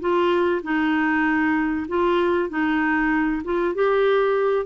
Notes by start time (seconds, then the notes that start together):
0.00 F4
0.63 D#4
1.88 F4
2.49 D#4
3.44 F4
3.75 G4